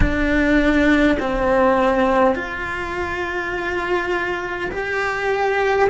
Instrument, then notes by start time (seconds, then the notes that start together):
cello
0.00 D4
1.19 C4
2.35 F4
4.71 G4